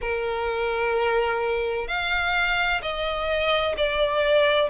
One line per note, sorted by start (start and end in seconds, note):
0.01 1.87 A#4
1.87 2.81 F5
2.81 3.75 D#5
3.77 4.69 D5